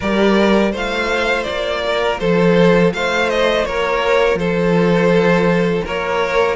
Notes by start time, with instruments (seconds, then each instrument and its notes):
0.00 cello G3, viola G4, violin A#4 D5
0.72 cello A3, viola F4, violin C5 F5
1.43 cello A#3, violin D5
1.86 violin A#4
2.19 cello F3, violin A4 C5
2.93 cello A3, violin C5 F5
3.29 violin D#5
3.64 cello A#3, violin A#4 C#5
4.34 cello F3, violin A4 C5
5.84 cello A#3, violin A#4 C#5